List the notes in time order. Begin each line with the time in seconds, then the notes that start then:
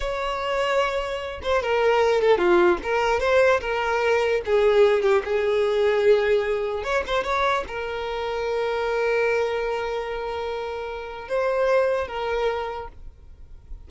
0.00 C#5
1.42 C5
1.62 A#4
2.21 A4
2.37 F4
2.83 A#4
3.20 C5
3.61 A#4
4.45 G#4
5.02 G4
5.25 G#4
6.83 C#5
7.06 C5
7.23 C#5
7.67 A#4
11.28 C5
12.07 A#4